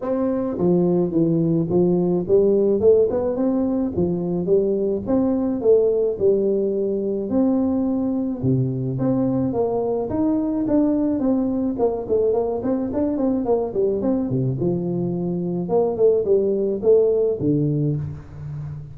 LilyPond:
\new Staff \with { instrumentName = "tuba" } { \time 4/4 \tempo 4 = 107 c'4 f4 e4 f4 | g4 a8 b8 c'4 f4 | g4 c'4 a4 g4~ | g4 c'2 c4 |
c'4 ais4 dis'4 d'4 | c'4 ais8 a8 ais8 c'8 d'8 c'8 | ais8 g8 c'8 c8 f2 | ais8 a8 g4 a4 d4 | }